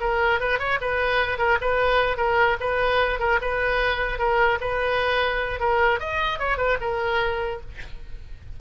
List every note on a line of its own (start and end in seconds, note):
0.00 0.40 A#4
0.40 0.59 B4
0.59 0.79 C#5
0.81 1.38 B4
1.38 1.58 A#4
1.61 2.17 B4
2.17 2.57 A#4
2.60 3.19 B4
3.19 3.39 A#4
3.41 4.18 B4
4.18 4.58 A#4
4.60 5.59 B4
5.59 5.99 A#4
5.99 6.39 D#5
6.39 6.57 C#5
6.57 6.77 B4
6.80 7.60 A#4